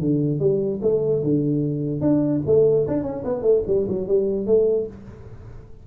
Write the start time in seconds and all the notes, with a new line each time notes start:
0.00 D3
0.39 G3
0.82 A3
1.23 D3
2.00 D4
2.46 A3
2.87 D4
3.03 C#4
3.24 B3
3.42 A3
3.67 G3
3.88 F#3
4.07 G3
4.46 A3